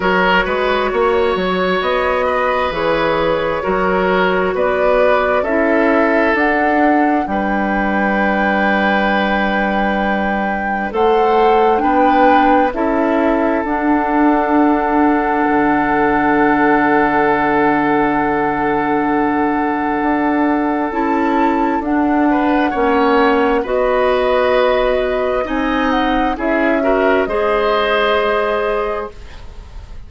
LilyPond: <<
  \new Staff \with { instrumentName = "flute" } { \time 4/4 \tempo 4 = 66 cis''2 dis''4 cis''4~ | cis''4 d''4 e''4 fis''4 | g''1 | fis''4 g''4 e''4 fis''4~ |
fis''1~ | fis''2. a''4 | fis''2 dis''2 | gis''8 fis''8 e''4 dis''2 | }
  \new Staff \with { instrumentName = "oboe" } { \time 4/4 ais'8 b'8 cis''4. b'4. | ais'4 b'4 a'2 | b'1 | c''4 b'4 a'2~ |
a'1~ | a'1~ | a'8 b'8 cis''4 b'2 | dis''4 gis'8 ais'8 c''2 | }
  \new Staff \with { instrumentName = "clarinet" } { \time 4/4 fis'2. gis'4 | fis'2 e'4 d'4~ | d'1 | a'4 d'4 e'4 d'4~ |
d'1~ | d'2. e'4 | d'4 cis'4 fis'2 | dis'4 e'8 fis'8 gis'2 | }
  \new Staff \with { instrumentName = "bassoon" } { \time 4/4 fis8 gis8 ais8 fis8 b4 e4 | fis4 b4 cis'4 d'4 | g1 | a4 b4 cis'4 d'4~ |
d'4 d2.~ | d2 d'4 cis'4 | d'4 ais4 b2 | c'4 cis'4 gis2 | }
>>